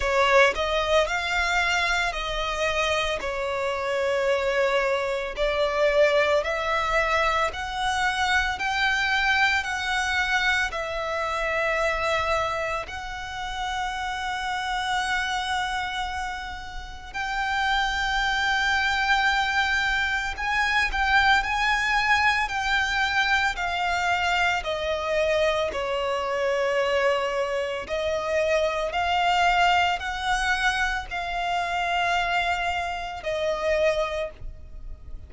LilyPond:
\new Staff \with { instrumentName = "violin" } { \time 4/4 \tempo 4 = 56 cis''8 dis''8 f''4 dis''4 cis''4~ | cis''4 d''4 e''4 fis''4 | g''4 fis''4 e''2 | fis''1 |
g''2. gis''8 g''8 | gis''4 g''4 f''4 dis''4 | cis''2 dis''4 f''4 | fis''4 f''2 dis''4 | }